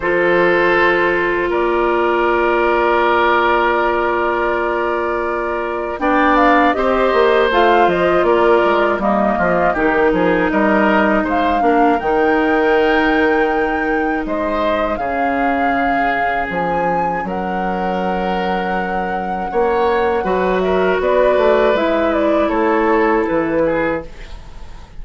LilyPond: <<
  \new Staff \with { instrumentName = "flute" } { \time 4/4 \tempo 4 = 80 c''2 d''2~ | d''1 | g''8 f''8 dis''4 f''8 dis''8 d''4 | dis''4 ais'4 dis''4 f''4 |
g''2. dis''4 | f''2 gis''4 fis''4~ | fis''2.~ fis''8 e''8 | d''4 e''8 d''8 cis''4 b'4 | }
  \new Staff \with { instrumentName = "oboe" } { \time 4/4 a'2 ais'2~ | ais'1 | d''4 c''2 ais'4 | dis'8 f'8 g'8 gis'8 ais'4 c''8 ais'8~ |
ais'2. c''4 | gis'2. ais'4~ | ais'2 cis''4 b'8 ais'8 | b'2 a'4. gis'8 | }
  \new Staff \with { instrumentName = "clarinet" } { \time 4/4 f'1~ | f'1 | d'4 g'4 f'2 | ais4 dis'2~ dis'8 d'8 |
dis'1 | cis'1~ | cis'2. fis'4~ | fis'4 e'2. | }
  \new Staff \with { instrumentName = "bassoon" } { \time 4/4 f2 ais2~ | ais1 | b4 c'8 ais8 a8 f8 ais8 gis8 | g8 f8 dis8 f8 g4 gis8 ais8 |
dis2. gis4 | cis2 f4 fis4~ | fis2 ais4 fis4 | b8 a8 gis4 a4 e4 | }
>>